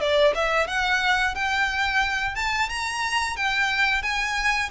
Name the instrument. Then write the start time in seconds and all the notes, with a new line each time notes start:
violin
0.00 D5
0.34 E5
0.67 F#5
1.35 G5
2.35 A5
2.69 A#5
3.36 G5
4.02 G#5